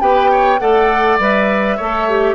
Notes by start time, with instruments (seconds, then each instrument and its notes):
0.00 bassoon B3, clarinet G4, oboe B4, flute G5
0.31 oboe C#5
0.59 bassoon A3, clarinet A4, oboe D5, flute F#5
1.19 bassoon G3, clarinet B4, flute E5
1.77 bassoon A3, clarinet A4, oboe C#5
2.09 clarinet G4